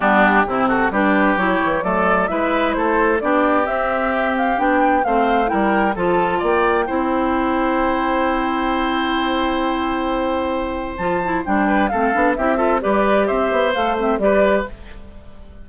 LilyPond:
<<
  \new Staff \with { instrumentName = "flute" } { \time 4/4 \tempo 4 = 131 g'4. a'8 b'4 cis''4 | d''4 e''4 c''4 d''4 | e''4. f''8 g''4 f''4 | g''4 a''4 g''2~ |
g''1~ | g''1 | a''4 g''4 f''4 e''4 | d''4 e''4 f''8 e''8 d''4 | }
  \new Staff \with { instrumentName = "oboe" } { \time 4/4 d'4 e'8 fis'8 g'2 | a'4 b'4 a'4 g'4~ | g'2. c''4 | ais'4 a'4 d''4 c''4~ |
c''1~ | c''1~ | c''4. b'8 a'4 g'8 a'8 | b'4 c''2 b'4 | }
  \new Staff \with { instrumentName = "clarinet" } { \time 4/4 b4 c'4 d'4 e'4 | a4 e'2 d'4 | c'2 d'4 c'4 | e'4 f'2 e'4~ |
e'1~ | e'1 | f'8 e'8 d'4 c'8 d'8 e'8 f'8 | g'2 a'8 c'8 g'4 | }
  \new Staff \with { instrumentName = "bassoon" } { \time 4/4 g4 c4 g4 fis8 e8 | fis4 gis4 a4 b4 | c'2 b4 a4 | g4 f4 ais4 c'4~ |
c'1~ | c'1 | f4 g4 a8 b8 c'4 | g4 c'8 b8 a4 g4 | }
>>